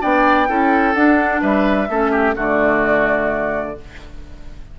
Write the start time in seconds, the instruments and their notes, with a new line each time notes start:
0.00 bassoon B3, clarinet D4, oboe D5, flute G5
0.48 bassoon C#4, clarinet E4, oboe A4
0.94 clarinet D4, bassoon D4, flute F#5
1.41 bassoon G3, oboe B4, flute E5
1.89 bassoon A3, clarinet C#4, oboe A4
2.11 oboe G4
2.35 bassoon D3, clarinet A3, oboe F#4, flute D5